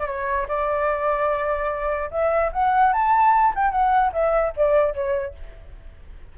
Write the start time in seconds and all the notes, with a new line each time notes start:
0.00 D5
0.07 C#5
0.48 D5
2.11 E5
2.53 F#5
2.93 A5
3.56 G5
3.72 F#5
4.13 E5
4.57 D5
4.95 C#5